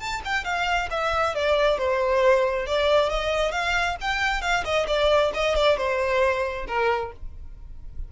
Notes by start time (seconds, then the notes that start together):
0.00 A5
0.25 G5
0.45 F5
0.91 E5
1.35 D5
1.78 C5
2.67 D5
3.10 D#5
3.52 F5
4.01 G5
4.42 F5
4.65 D#5
4.88 D5
5.35 D#5
5.56 D5
5.78 C5
6.68 A#4